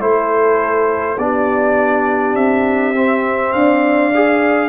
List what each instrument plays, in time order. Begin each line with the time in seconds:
0.00 tuba A3, trombone E4, horn A4, trumpet C5
1.17 tuba B3, trombone D4, horn G4, trumpet D5
2.35 tuba C4, trumpet E5
2.95 trombone C4
3.53 tuba D4, horn D5, trumpet F5
4.15 trombone G#4